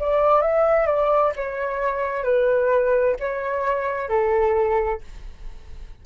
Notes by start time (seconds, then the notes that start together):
0.00 D5
0.42 E5
0.87 D5
1.37 C#5
2.24 B4
3.20 C#5
4.09 A4